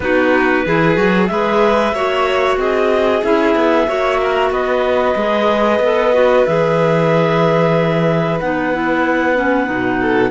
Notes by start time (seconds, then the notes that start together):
0.00 B3 D#4 F#4 B4
0.65 E3 E4 G#4
0.95 F#3 F#4
1.26 G#3 G#4 B4 E5
1.92 A#3 F#4 C#5
2.57 C4 G#4 D#5
3.23 C#4 E4 E5
3.55 B3
3.86 A#3 F#4 C#5
4.21 A#4
4.50 B3 B4 D#5
5.15 G#3 G#4
5.79 B3 A4
6.13 F#4
6.45 E3 G#4 E5
8.39 B3 D#4 F#5
8.73 E4
9.35 C#4
9.65 B2 D#4
10.00 A4